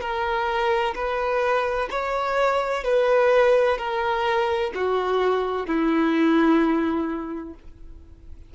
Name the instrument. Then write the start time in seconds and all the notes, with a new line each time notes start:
violin
0.00 A#4
0.95 B4
1.90 C#5
2.83 B4
3.78 A#4
4.74 F#4
5.66 E4